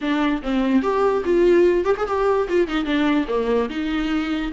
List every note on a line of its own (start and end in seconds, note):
0.01 0.42 D4
0.42 0.82 C4
0.82 1.23 G4
1.25 1.85 F4
1.85 1.95 G4
1.97 2.07 G#4
2.07 2.48 G4
2.48 2.67 F4
2.67 2.84 D#4
2.84 3.25 D4
3.28 3.69 A#3
3.69 4.51 D#4